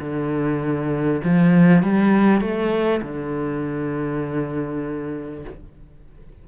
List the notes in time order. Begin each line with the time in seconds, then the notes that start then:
0.00 D3
1.24 F3
1.83 G3
2.41 A3
3.02 D3